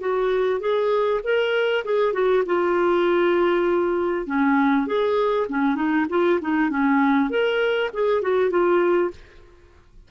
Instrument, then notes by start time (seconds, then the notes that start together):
clarinet
0.00 F#4
0.60 G#4
1.24 A#4
1.85 G#4
2.13 F#4
2.46 F4
4.26 C#4
4.87 G#4
5.49 C#4
5.75 D#4
6.09 F4
6.41 D#4
6.70 C#4
7.29 A#4
7.93 G#4
8.21 F#4
8.50 F4